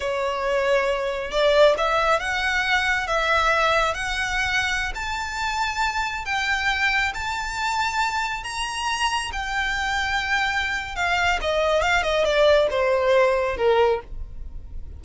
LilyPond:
\new Staff \with { instrumentName = "violin" } { \time 4/4 \tempo 4 = 137 cis''2. d''4 | e''4 fis''2 e''4~ | e''4 fis''2~ fis''16 a''8.~ | a''2~ a''16 g''4.~ g''16~ |
g''16 a''2. ais''8.~ | ais''4~ ais''16 g''2~ g''8.~ | g''4 f''4 dis''4 f''8 dis''8 | d''4 c''2 ais'4 | }